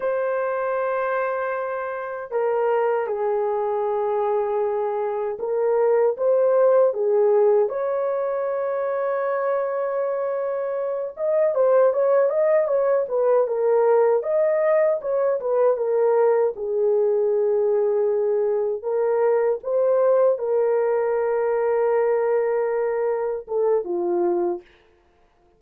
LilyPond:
\new Staff \with { instrumentName = "horn" } { \time 4/4 \tempo 4 = 78 c''2. ais'4 | gis'2. ais'4 | c''4 gis'4 cis''2~ | cis''2~ cis''8 dis''8 c''8 cis''8 |
dis''8 cis''8 b'8 ais'4 dis''4 cis''8 | b'8 ais'4 gis'2~ gis'8~ | gis'8 ais'4 c''4 ais'4.~ | ais'2~ ais'8 a'8 f'4 | }